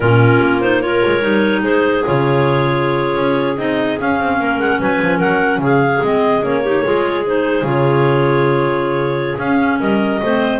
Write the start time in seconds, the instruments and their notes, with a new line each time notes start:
0.00 double bass A#2, clarinet C#4 F4 A#4
0.40 double bass A#3
0.61 clarinet D#4 C5
0.81 clarinet F4 A#4 C#5
1.05 double bass G#3
1.21 double bass G3, clarinet D#4
1.62 double bass G#3, clarinet G#4 C5
2.04 double bass C#3, clarinet F4 C#5
3.16 double bass C#4
3.56 double bass C4, clarinet D#4 D#5
3.99 clarinet C#4 F5, double bass C#4
4.20 double bass C4
4.39 double bass A#3, clarinet A#4
4.59 double bass G#3, clarinet F#5
4.79 double bass F#3, clarinet B4 G#5
5.02 double bass F3
5.18 double bass F#3, clarinet A#4 F#5
5.58 double bass C#3, clarinet G#4
5.64 clarinet F5
6.01 double bass G#3, clarinet C4 D#5
6.41 double bass A#3, clarinet C#4 C#5
6.62 clarinet D#4 G4
6.84 double bass G#3, clarinet F4 G#4
7.25 clarinet D#4 C5
7.62 double bass C#3, clarinet F4 C#5
9.38 double bass C#4, clarinet C#4 F5
9.79 double bass G3, clarinet A#4 D#5
10.22 double bass A3, clarinet C4 C5